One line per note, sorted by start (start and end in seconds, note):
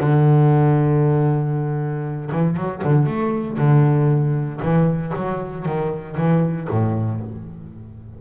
0.00 2.31 D3
2.31 2.57 E3
2.57 2.82 F#3
2.84 3.06 D3
3.06 3.57 A3
3.58 4.61 D3
4.62 5.13 E3
5.16 5.65 F#3
5.65 6.17 D#3
6.17 6.68 E3
6.70 7.21 A2